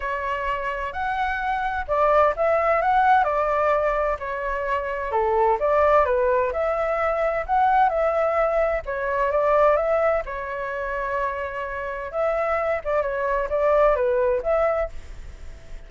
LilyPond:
\new Staff \with { instrumentName = "flute" } { \time 4/4 \tempo 4 = 129 cis''2 fis''2 | d''4 e''4 fis''4 d''4~ | d''4 cis''2 a'4 | d''4 b'4 e''2 |
fis''4 e''2 cis''4 | d''4 e''4 cis''2~ | cis''2 e''4. d''8 | cis''4 d''4 b'4 e''4 | }